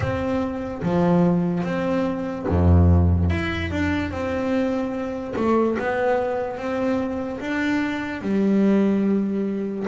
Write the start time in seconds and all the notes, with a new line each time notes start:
0.00 C4
0.82 F3
1.63 C4
2.48 F2
3.30 E4
3.70 D4
4.11 C4
5.36 A3
5.79 B3
6.57 C4
7.40 D4
8.21 G3